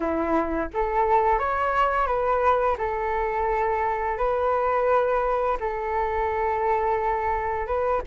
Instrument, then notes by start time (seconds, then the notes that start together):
flute
0.00 E4
0.73 A4
1.38 C#5
2.06 B4
2.77 A4
4.17 B4
5.60 A4
7.66 B4